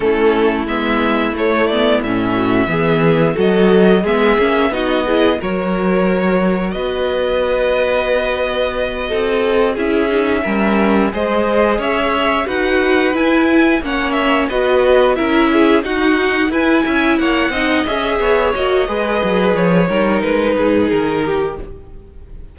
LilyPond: <<
  \new Staff \with { instrumentName = "violin" } { \time 4/4 \tempo 4 = 89 a'4 e''4 cis''8 d''8 e''4~ | e''4 dis''4 e''4 dis''4 | cis''2 dis''2~ | dis''2~ dis''8 e''4.~ |
e''8 dis''4 e''4 fis''4 gis''8~ | gis''8 fis''8 e''8 dis''4 e''4 fis''8~ | fis''8 gis''4 fis''4 e''4 dis''8~ | dis''4 cis''4 b'4 ais'4 | }
  \new Staff \with { instrumentName = "violin" } { \time 4/4 e'2.~ e'8 fis'8 | gis'4 a'4 gis'4 fis'8 gis'8 | ais'2 b'2~ | b'4. a'4 gis'4 ais'8~ |
ais'8 c''4 cis''4 b'4.~ | b'8 cis''4 b'4 ais'8 gis'8 fis'8~ | fis'8 b'8 e''8 cis''8 dis''4 cis''4 | b'4. ais'4 gis'4 g'8 | }
  \new Staff \with { instrumentName = "viola" } { \time 4/4 cis'4 b4 a8 b8 cis'4 | b4 fis'4 b8 cis'8 dis'8 e'8 | fis'1~ | fis'2~ fis'8 e'8 dis'8 cis'8~ |
cis'8 gis'2 fis'4 e'8~ | e'8 cis'4 fis'4 e'4 dis'8~ | dis'8 e'4. dis'8 gis'4 fis'8 | gis'4. dis'2~ dis'8 | }
  \new Staff \with { instrumentName = "cello" } { \time 4/4 a4 gis4 a4 a,4 | e4 fis4 gis8 ais8 b4 | fis2 b2~ | b4. c'4 cis'4 g8~ |
g8 gis4 cis'4 dis'4 e'8~ | e'8 ais4 b4 cis'4 dis'8~ | dis'8 e'8 cis'8 ais8 c'8 cis'8 b8 ais8 | gis8 fis8 f8 g8 gis8 gis,8 dis4 | }
>>